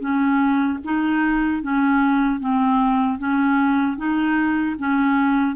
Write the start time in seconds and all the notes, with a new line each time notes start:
0.00 C#4
0.84 D#4
1.63 C#4
2.40 C4
3.18 C#4
3.97 D#4
4.79 C#4